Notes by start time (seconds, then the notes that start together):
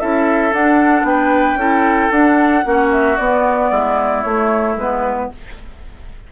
0.00 C#4 E4 A4 E5
0.52 D4 F#5
1.03 B3 B4 G5
1.55 C#4 E4 A4
2.11 D4 F#5
2.64 A#3 C#4 F#4
2.91 E5
3.17 B3 D5
3.71 G#3 E4
4.22 A3 C#5
4.76 G#3 B3 B4